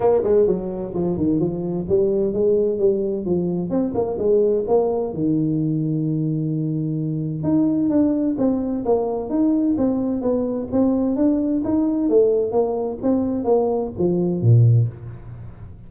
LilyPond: \new Staff \with { instrumentName = "tuba" } { \time 4/4 \tempo 4 = 129 ais8 gis8 fis4 f8 dis8 f4 | g4 gis4 g4 f4 | c'8 ais8 gis4 ais4 dis4~ | dis1 |
dis'4 d'4 c'4 ais4 | dis'4 c'4 b4 c'4 | d'4 dis'4 a4 ais4 | c'4 ais4 f4 ais,4 | }